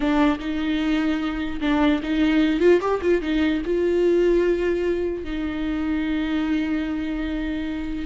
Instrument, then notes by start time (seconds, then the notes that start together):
viola
0.00 D4
0.39 D#4
1.60 D4
2.02 D#4
2.60 F4
2.80 G4
3.01 F4
3.21 D#4
3.65 F4
5.24 D#4